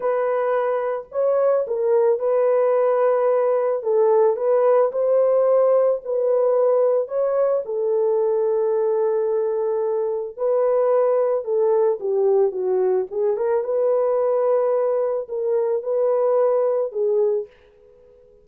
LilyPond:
\new Staff \with { instrumentName = "horn" } { \time 4/4 \tempo 4 = 110 b'2 cis''4 ais'4 | b'2. a'4 | b'4 c''2 b'4~ | b'4 cis''4 a'2~ |
a'2. b'4~ | b'4 a'4 g'4 fis'4 | gis'8 ais'8 b'2. | ais'4 b'2 gis'4 | }